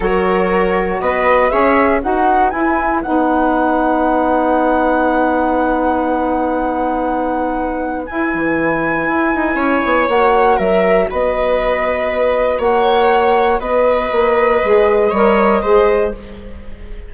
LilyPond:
<<
  \new Staff \with { instrumentName = "flute" } { \time 4/4 \tempo 4 = 119 cis''2 dis''4 e''4 | fis''4 gis''4 fis''2~ | fis''1~ | fis''1 |
gis''1 | fis''4 e''4 dis''2~ | dis''4 fis''2 dis''4~ | dis''1 | }
  \new Staff \with { instrumentName = "viola" } { \time 4/4 ais'2 b'4 cis''4 | b'1~ | b'1~ | b'1~ |
b'2. cis''4~ | cis''4 ais'4 b'2~ | b'4 cis''2 b'4~ | b'2 cis''4 c''4 | }
  \new Staff \with { instrumentName = "saxophone" } { \time 4/4 fis'2. gis'4 | fis'4 e'4 dis'2~ | dis'1~ | dis'1 |
e'1 | fis'1~ | fis'1~ | fis'4 gis'4 ais'4 gis'4 | }
  \new Staff \with { instrumentName = "bassoon" } { \time 4/4 fis2 b4 cis'4 | dis'4 e'4 b2~ | b1~ | b1 |
e'8 e4. e'8 dis'8 cis'8 b8 | ais4 fis4 b2~ | b4 ais2 b4 | ais4 gis4 g4 gis4 | }
>>